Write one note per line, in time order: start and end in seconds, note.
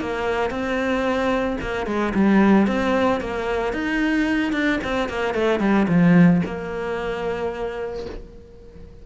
0.00 0.50 A#3
0.50 1.57 C4
1.61 1.86 A#3
1.86 2.13 G#3
2.14 2.67 G3
2.67 3.20 C4
3.20 3.73 A#3
3.73 4.53 D#4
4.53 4.79 D4
4.84 5.09 C4
5.09 5.34 A#3
5.34 5.60 A3
5.60 5.87 G3
5.88 6.42 F3
6.45 8.06 A#3